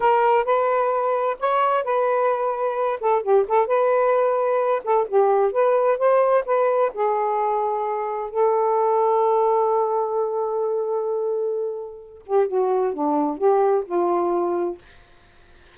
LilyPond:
\new Staff \with { instrumentName = "saxophone" } { \time 4/4 \tempo 4 = 130 ais'4 b'2 cis''4 | b'2~ b'8 a'8 g'8 a'8 | b'2~ b'8 a'8 g'4 | b'4 c''4 b'4 gis'4~ |
gis'2 a'2~ | a'1~ | a'2~ a'8 g'8 fis'4 | d'4 g'4 f'2 | }